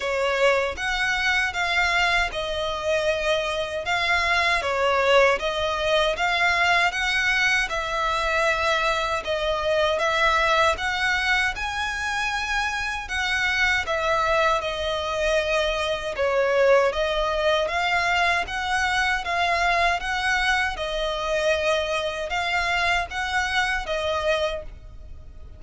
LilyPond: \new Staff \with { instrumentName = "violin" } { \time 4/4 \tempo 4 = 78 cis''4 fis''4 f''4 dis''4~ | dis''4 f''4 cis''4 dis''4 | f''4 fis''4 e''2 | dis''4 e''4 fis''4 gis''4~ |
gis''4 fis''4 e''4 dis''4~ | dis''4 cis''4 dis''4 f''4 | fis''4 f''4 fis''4 dis''4~ | dis''4 f''4 fis''4 dis''4 | }